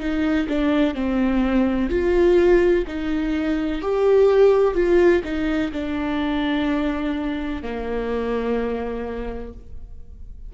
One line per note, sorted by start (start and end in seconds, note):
0.00 0.48 D#4
0.48 0.95 D4
0.95 1.90 C4
1.90 2.85 F4
2.87 3.82 D#4
3.82 4.75 G4
4.75 5.23 F4
5.24 5.72 D#4
5.72 7.63 D4
7.63 9.53 A#3